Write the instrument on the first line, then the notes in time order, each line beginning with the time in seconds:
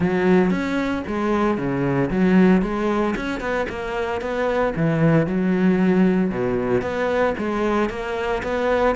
cello
0.00 F#3
0.50 C#4
1.07 G#3
1.57 C#3
2.10 F#3
2.61 G#3
3.16 C#4
3.40 B3
3.69 A#3
4.21 B3
4.76 E3
5.27 F#3
6.30 B2
6.81 B3
7.38 G#3
7.89 A#3
8.43 B3